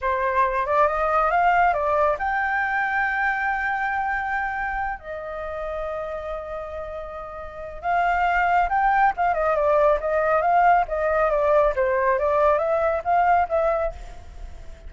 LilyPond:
\new Staff \with { instrumentName = "flute" } { \time 4/4 \tempo 4 = 138 c''4. d''8 dis''4 f''4 | d''4 g''2.~ | g''2.~ g''8 dis''8~ | dis''1~ |
dis''2 f''2 | g''4 f''8 dis''8 d''4 dis''4 | f''4 dis''4 d''4 c''4 | d''4 e''4 f''4 e''4 | }